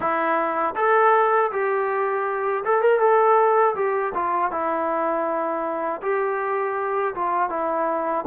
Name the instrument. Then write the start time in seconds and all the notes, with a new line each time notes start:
trombone
0.00 E4
0.76 A4
1.51 G4
2.64 A4
2.81 A#4
2.99 A4
3.75 G4
4.14 F4
4.51 E4
6.01 G4
7.14 F4
7.49 E4